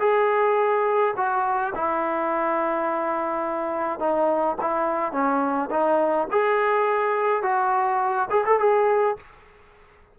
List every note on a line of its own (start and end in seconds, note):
0.00 1.14 G#4
1.17 1.74 F#4
1.75 4.00 E4
4.00 4.57 D#4
4.61 5.12 E4
5.12 5.70 C#4
5.71 6.28 D#4
6.31 7.43 G#4
7.43 8.29 F#4
8.30 8.45 G#4
8.46 8.59 A4
8.59 9.17 G#4